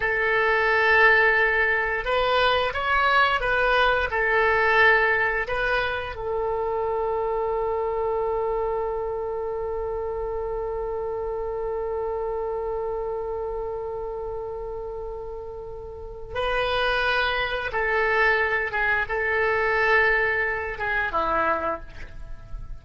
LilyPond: \new Staff \with { instrumentName = "oboe" } { \time 4/4 \tempo 4 = 88 a'2. b'4 | cis''4 b'4 a'2 | b'4 a'2.~ | a'1~ |
a'1~ | a'1 | b'2 a'4. gis'8 | a'2~ a'8 gis'8 e'4 | }